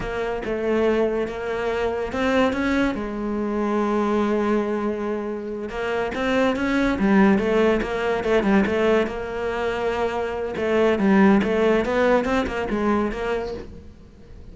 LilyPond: \new Staff \with { instrumentName = "cello" } { \time 4/4 \tempo 4 = 142 ais4 a2 ais4~ | ais4 c'4 cis'4 gis4~ | gis1~ | gis4. ais4 c'4 cis'8~ |
cis'8 g4 a4 ais4 a8 | g8 a4 ais2~ ais8~ | ais4 a4 g4 a4 | b4 c'8 ais8 gis4 ais4 | }